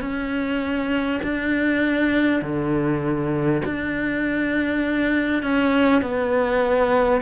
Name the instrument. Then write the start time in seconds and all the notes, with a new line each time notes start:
cello
0.00 C#4
1.23 D4
2.41 D3
3.65 D4
5.42 C#4
6.02 B3